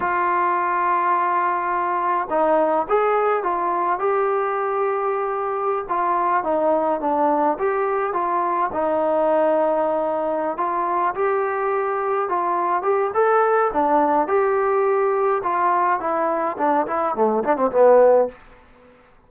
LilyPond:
\new Staff \with { instrumentName = "trombone" } { \time 4/4 \tempo 4 = 105 f'1 | dis'4 gis'4 f'4 g'4~ | g'2~ g'16 f'4 dis'8.~ | dis'16 d'4 g'4 f'4 dis'8.~ |
dis'2~ dis'8 f'4 g'8~ | g'4. f'4 g'8 a'4 | d'4 g'2 f'4 | e'4 d'8 e'8 a8 d'16 c'16 b4 | }